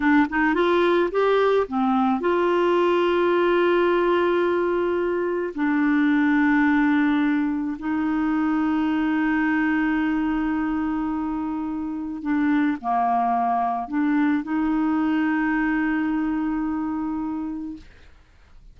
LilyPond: \new Staff \with { instrumentName = "clarinet" } { \time 4/4 \tempo 4 = 108 d'8 dis'8 f'4 g'4 c'4 | f'1~ | f'2 d'2~ | d'2 dis'2~ |
dis'1~ | dis'2 d'4 ais4~ | ais4 d'4 dis'2~ | dis'1 | }